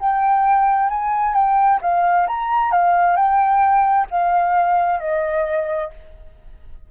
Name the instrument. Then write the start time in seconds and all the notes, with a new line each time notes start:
flute
0.00 G5
0.90 G#5
1.35 G5
1.82 F5
2.28 A#5
2.72 F5
3.17 G5
4.11 F5
5.00 D#5